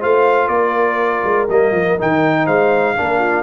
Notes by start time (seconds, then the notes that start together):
0.00 A3 F4 C5 F5
0.48 A#3 A#4 D5
1.24 G#3
1.49 G3 A#3 D#5
1.72 F3
1.98 D#3 D#4 G5
2.45 G#3 C5 F5
2.97 A#3 D4 A#4
3.19 F4